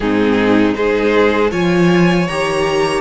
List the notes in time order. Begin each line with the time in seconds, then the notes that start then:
0.00 G#2 C4 D#4 G#4
0.73 G#3 D#4 G#4 C5
1.50 F3 F4 C#5 G#5
2.27 D#3 G4 A#5